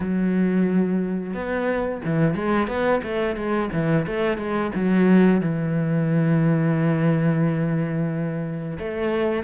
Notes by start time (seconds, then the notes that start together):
0.00 F#3
1.33 B3
2.04 E3
2.34 G#3
2.67 B3
3.03 A3
3.36 G#3
3.72 E3
4.06 A3
4.37 G#3
4.74 F#3
5.41 E3
8.78 A3